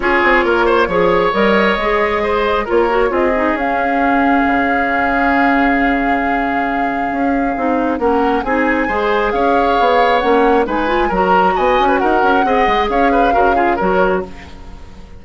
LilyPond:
<<
  \new Staff \with { instrumentName = "flute" } { \time 4/4 \tempo 4 = 135 cis''2. dis''4~ | dis''2 cis''4 dis''4 | f''1~ | f''1~ |
f''2 fis''4 gis''4~ | gis''4 f''2 fis''4 | gis''4 ais''4 gis''4 fis''4~ | fis''4 f''2 cis''4 | }
  \new Staff \with { instrumentName = "oboe" } { \time 4/4 gis'4 ais'8 c''8 cis''2~ | cis''4 c''4 ais'4 gis'4~ | gis'1~ | gis'1~ |
gis'2 ais'4 gis'4 | c''4 cis''2. | b'4 ais'4 dis''8. b'16 ais'4 | dis''4 cis''8 b'8 ais'8 gis'8 ais'4 | }
  \new Staff \with { instrumentName = "clarinet" } { \time 4/4 f'2 gis'4 ais'4 | gis'2 f'8 fis'8 f'8 dis'8 | cis'1~ | cis'1~ |
cis'4 dis'4 cis'4 dis'4 | gis'2. cis'4 | dis'8 f'8 fis'2. | gis'2 fis'8 f'8 fis'4 | }
  \new Staff \with { instrumentName = "bassoon" } { \time 4/4 cis'8 c'8 ais4 f4 g4 | gis2 ais4 c'4 | cis'2 cis2~ | cis1 |
cis'4 c'4 ais4 c'4 | gis4 cis'4 b4 ais4 | gis4 fis4 b8 cis'8 dis'8 cis'8 | c'8 gis8 cis'4 cis4 fis4 | }
>>